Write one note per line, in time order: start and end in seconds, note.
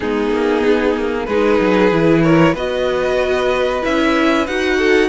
0.00 0.30 G#3
0.00 1.28 B3
0.00 1.26 D#4
0.00 1.25 G#4
0.30 0.62 A#3
0.64 0.96 B3
0.96 1.27 A#3
1.25 1.59 G#3
1.25 1.91 D#4
1.25 2.23 G#4
1.25 2.21 B4
1.60 1.91 F#3
1.91 2.54 E3
1.91 2.55 E4
2.23 2.53 A#4
2.23 2.55 C#5
2.53 3.81 B3
2.53 3.82 F#4
2.53 4.77 B4
2.53 3.84 D#5
3.82 4.47 C#4
3.82 4.45 E4
3.82 4.47 E5
4.47 5.08 D#4
4.47 5.08 F#4
4.47 5.08 F#5
4.78 5.08 A4